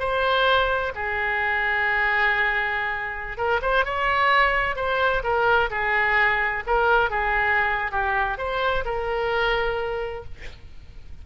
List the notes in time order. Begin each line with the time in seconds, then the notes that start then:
0.00 C5
0.96 G#4
3.38 A#4
3.62 C5
3.85 C#5
4.77 C5
5.24 A#4
5.71 G#4
6.67 A#4
7.11 G#4
7.92 G4
8.38 C5
8.85 A#4